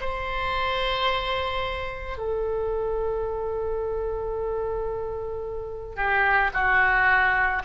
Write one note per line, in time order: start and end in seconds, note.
0.00 2.17 C5
2.17 5.96 A4
5.96 6.51 G4
6.54 7.63 F#4